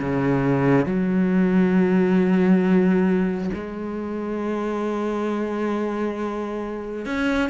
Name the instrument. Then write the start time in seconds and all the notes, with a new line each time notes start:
cello
0.00 C#3
0.85 F#3
3.54 G#3
7.05 C#4